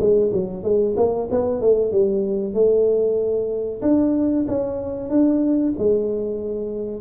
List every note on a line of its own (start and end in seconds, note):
0.00 0.32 G#3
0.33 0.64 F#3
0.64 0.96 G#3
0.97 1.29 A#3
1.31 1.61 B3
1.61 1.92 A3
1.92 2.54 G3
2.54 3.82 A3
3.82 4.46 D4
4.48 5.10 C#4
5.10 5.74 D4
5.78 7.02 G#3